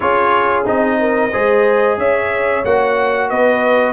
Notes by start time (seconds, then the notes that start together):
0.00 C#4 F4 G#4 C#5
0.65 C4 D#4 D#5
0.99 A#4
1.31 G#3 G#4 C5
1.97 C#4 C#5 E5
2.64 A#3 F#4 F#5
3.29 B3 B4 D#5